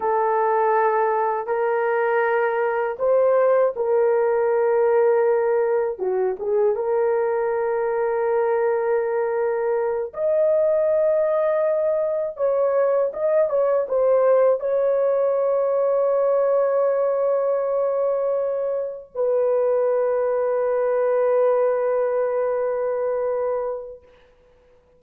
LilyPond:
\new Staff \with { instrumentName = "horn" } { \time 4/4 \tempo 4 = 80 a'2 ais'2 | c''4 ais'2. | fis'8 gis'8 ais'2.~ | ais'4. dis''2~ dis''8~ |
dis''8 cis''4 dis''8 cis''8 c''4 cis''8~ | cis''1~ | cis''4. b'2~ b'8~ | b'1 | }